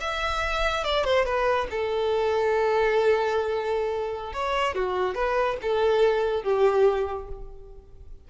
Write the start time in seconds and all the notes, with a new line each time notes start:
0.00 E5
0.84 D5
1.04 C5
1.25 B4
1.70 A4
4.33 C#5
4.75 F#4
5.15 B4
5.62 A4
6.43 G4